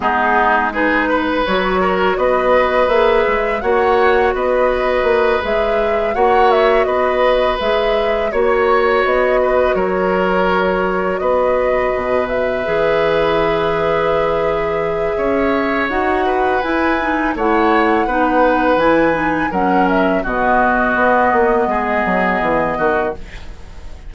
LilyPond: <<
  \new Staff \with { instrumentName = "flute" } { \time 4/4 \tempo 4 = 83 gis'4 b'4 cis''4 dis''4 | e''4 fis''4 dis''4. e''8~ | e''8 fis''8 e''8 dis''4 e''4 cis''8~ | cis''8 dis''4 cis''2 dis''8~ |
dis''4 e''2.~ | e''2 fis''4 gis''4 | fis''2 gis''4 fis''8 e''8 | dis''1 | }
  \new Staff \with { instrumentName = "oboe" } { \time 4/4 dis'4 gis'8 b'4 ais'8 b'4~ | b'4 cis''4 b'2~ | b'8 cis''4 b'2 cis''8~ | cis''4 b'8 ais'2 b'8~ |
b'1~ | b'4 cis''4. b'4. | cis''4 b'2 ais'4 | fis'2 gis'4. fis'8 | }
  \new Staff \with { instrumentName = "clarinet" } { \time 4/4 b4 dis'4 fis'2 | gis'4 fis'2~ fis'8 gis'8~ | gis'8 fis'2 gis'4 fis'8~ | fis'1~ |
fis'4. gis'2~ gis'8~ | gis'2 fis'4 e'8 dis'8 | e'4 dis'4 e'8 dis'8 cis'4 | b1 | }
  \new Staff \with { instrumentName = "bassoon" } { \time 4/4 gis2 fis4 b4 | ais8 gis8 ais4 b4 ais8 gis8~ | gis8 ais4 b4 gis4 ais8~ | ais8 b4 fis2 b8~ |
b8 b,4 e2~ e8~ | e4 cis'4 dis'4 e'4 | a4 b4 e4 fis4 | b,4 b8 ais8 gis8 fis8 e8 dis8 | }
>>